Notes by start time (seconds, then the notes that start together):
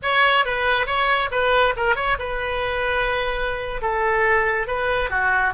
0.02 C#5
0.45 B4
0.86 C#5
1.31 B4
1.76 A#4
1.95 C#5
2.18 B4
3.81 A4
4.67 B4
5.10 F#4